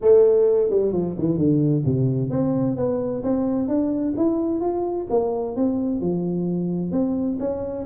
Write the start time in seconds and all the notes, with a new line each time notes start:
0.01 A3
0.69 G3
0.92 F3
1.18 E3
1.37 D3
1.85 C3
2.30 C4
2.76 B3
3.23 C4
3.67 D4
4.16 E4
4.60 F4
5.10 A#3
5.56 C4
6.00 F3
6.91 C4
7.39 C#4